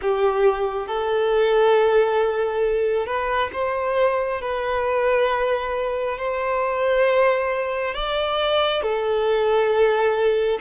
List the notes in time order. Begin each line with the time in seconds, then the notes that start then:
0.01 G4
0.87 A4
3.06 B4
3.53 C5
4.41 B4
6.18 C5
7.94 D5
8.82 A4